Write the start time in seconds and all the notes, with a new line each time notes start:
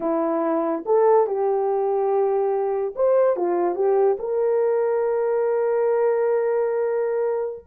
0.00 E4
0.85 A4
1.26 G4
2.95 C5
3.36 F4
3.75 G4
4.19 A#4